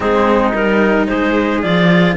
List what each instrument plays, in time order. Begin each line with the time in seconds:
0.00 cello G#3 C4, trumpet D#4, clarinet G#4
0.53 cello G3 D#4, clarinet A#4
1.07 cello G#3, trumpet G#4, clarinet C5
1.62 cello F3 F4, clarinet D5